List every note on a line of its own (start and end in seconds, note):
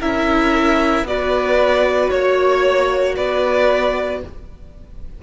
0.00 1.03 C#4
0.00 1.07 E4
0.00 1.05 A#4
0.00 1.07 E5
1.03 2.08 B3
1.03 4.23 F#4
1.03 2.13 B4
1.03 2.10 D5
2.10 3.18 A#3
2.10 3.15 C#5
2.10 3.16 C#5
3.16 4.23 B3
3.16 4.22 B4
3.16 4.22 D5